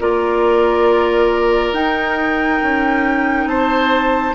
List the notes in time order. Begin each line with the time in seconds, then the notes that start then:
0.00 A#3 F4 A#4 D5
1.73 D#4 G5
2.63 C#4
3.46 C4 C5 A5